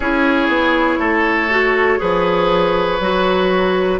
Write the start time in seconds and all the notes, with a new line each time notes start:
0.00 C#4 E4 G#4 C#5
0.47 B3
0.98 A3 A4
1.50 F#4
1.98 F3 G#4 B4
3.00 F#3 F#4